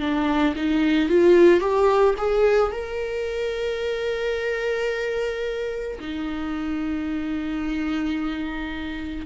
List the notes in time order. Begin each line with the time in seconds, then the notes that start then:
0.00 D4
0.56 D#4
1.09 F4
1.60 G4
2.18 G#4
2.72 A#4
6.00 D#4